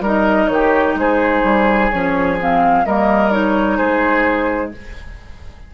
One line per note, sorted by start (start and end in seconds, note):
0.00 0.47 G3
0.00 1.91 D#4
0.00 0.49 A#4
0.06 0.47 D#5
0.47 0.95 D#3
0.47 0.99 G4
0.47 0.94 C#5
0.95 1.42 G#3
0.95 2.86 G#4
0.95 1.91 C5
1.43 1.90 G3
1.91 2.86 F3
1.91 2.39 C#4
1.91 2.38 C#5
2.39 2.86 C4
2.39 2.86 F5
2.86 3.79 G3
2.86 3.31 A#3
2.86 3.77 A#4
2.86 3.31 D#5
3.31 4.72 D#4
3.31 3.77 C#5
3.77 4.74 G#3
3.77 4.71 G#4
3.77 4.71 C5